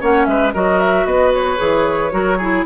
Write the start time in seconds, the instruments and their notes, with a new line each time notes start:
0.00 bassoon A#3, clarinet C#4, oboe C#5, flute F#5
0.25 bassoon G#3, oboe B4, flute E5
0.54 bassoon F#3, clarinet F#4, oboe A#4, flute D#5
0.80 flute E5
1.05 bassoon B3, oboe B4, flute D#5
1.34 flute C#5
1.57 bassoon E3, clarinet G#4
2.12 bassoon F#3, clarinet F#4, oboe A#4
2.38 clarinet E4, oboe G#4